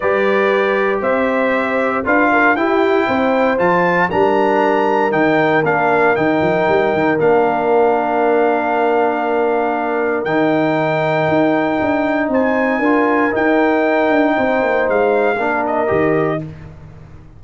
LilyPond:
<<
  \new Staff \with { instrumentName = "trumpet" } { \time 4/4 \tempo 4 = 117 d''2 e''2 | f''4 g''2 a''4 | ais''2 g''4 f''4 | g''2 f''2~ |
f''1 | g''1 | gis''2 g''2~ | g''4 f''4. dis''4. | }
  \new Staff \with { instrumentName = "horn" } { \time 4/4 b'2 c''2 | b'8 ais'8 g'4 c''2 | ais'1~ | ais'1~ |
ais'1~ | ais'1 | c''4 ais'2. | c''2 ais'2 | }
  \new Staff \with { instrumentName = "trombone" } { \time 4/4 g'1 | f'4 e'2 f'4 | d'2 dis'4 d'4 | dis'2 d'2~ |
d'1 | dis'1~ | dis'4 f'4 dis'2~ | dis'2 d'4 g'4 | }
  \new Staff \with { instrumentName = "tuba" } { \time 4/4 g2 c'2 | d'4 e'4 c'4 f4 | g2 dis4 ais4 | dis8 f8 g8 dis8 ais2~ |
ais1 | dis2 dis'4 d'4 | c'4 d'4 dis'4. d'8 | c'8 ais8 gis4 ais4 dis4 | }
>>